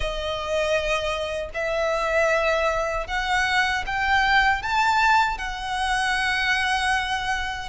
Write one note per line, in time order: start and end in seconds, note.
0.00 1.49 D#5
1.53 3.07 E5
3.07 3.84 F#5
3.86 4.62 G5
4.62 5.38 A5
5.38 7.69 F#5